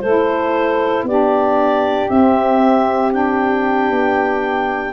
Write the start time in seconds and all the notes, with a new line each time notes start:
0.00 A3 E4 A4 C5
1.03 B3 D4 G4 D5
2.09 C4 E5
3.11 D4 G5
3.90 B3